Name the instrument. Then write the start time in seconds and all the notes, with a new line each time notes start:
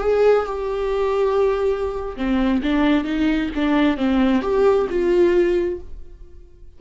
viola
0.00 G#4
0.46 G4
2.16 C4
2.62 D4
3.04 D#4
3.55 D4
3.97 C4
4.42 G4
4.89 F4